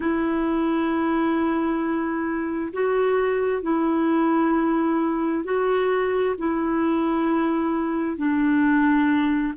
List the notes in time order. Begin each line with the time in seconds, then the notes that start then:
0.00 E4
2.73 F#4
3.62 E4
5.44 F#4
6.38 E4
8.17 D4